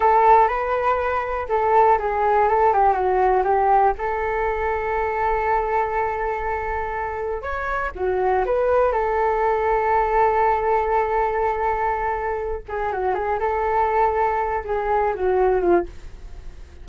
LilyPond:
\new Staff \with { instrumentName = "flute" } { \time 4/4 \tempo 4 = 121 a'4 b'2 a'4 | gis'4 a'8 g'8 fis'4 g'4 | a'1~ | a'2. cis''4 |
fis'4 b'4 a'2~ | a'1~ | a'4. gis'8 fis'8 gis'8 a'4~ | a'4. gis'4 fis'4 f'8 | }